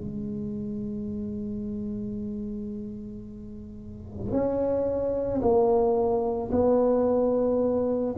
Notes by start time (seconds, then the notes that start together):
0.00 G#3
4.31 C#4
5.41 A#3
6.51 B3